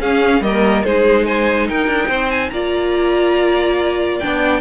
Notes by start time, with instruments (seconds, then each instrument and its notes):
0.00 cello C#4, viola C#4, violin G#4 F5
0.41 cello G3, viola A#3, violin D#5
0.47 violin A#4
0.84 cello G#3, viola D#4, violin G#4 C5
1.26 violin C5 G#5
1.68 cello D#4, violin A#4 G5
1.87 cello D4
2.09 cello C4, violin C5
2.31 violin G#5
2.50 cello A#3, viola F4, violin D5 A#5
4.20 cello B3, viola D4, violin G5